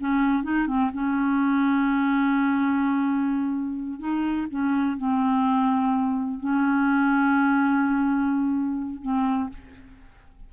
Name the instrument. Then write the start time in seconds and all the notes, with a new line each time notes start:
clarinet
0.00 C#4
0.44 D#4
0.67 C4
0.94 C#4
4.00 D#4
4.51 C#4
4.98 C4
6.40 C#4
9.02 C4